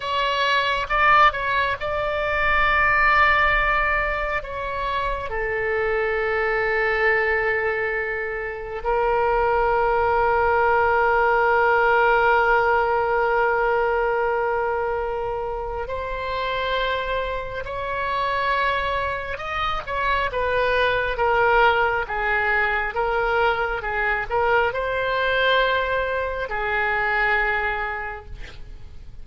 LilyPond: \new Staff \with { instrumentName = "oboe" } { \time 4/4 \tempo 4 = 68 cis''4 d''8 cis''8 d''2~ | d''4 cis''4 a'2~ | a'2 ais'2~ | ais'1~ |
ais'2 c''2 | cis''2 dis''8 cis''8 b'4 | ais'4 gis'4 ais'4 gis'8 ais'8 | c''2 gis'2 | }